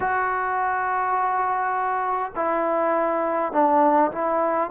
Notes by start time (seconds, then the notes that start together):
0.00 F#4
2.35 E4
3.52 D4
4.11 E4